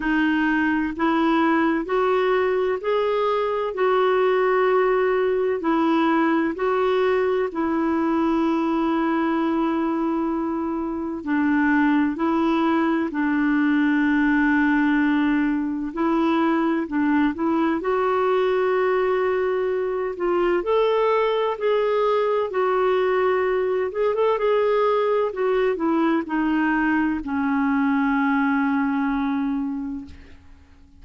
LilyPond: \new Staff \with { instrumentName = "clarinet" } { \time 4/4 \tempo 4 = 64 dis'4 e'4 fis'4 gis'4 | fis'2 e'4 fis'4 | e'1 | d'4 e'4 d'2~ |
d'4 e'4 d'8 e'8 fis'4~ | fis'4. f'8 a'4 gis'4 | fis'4. gis'16 a'16 gis'4 fis'8 e'8 | dis'4 cis'2. | }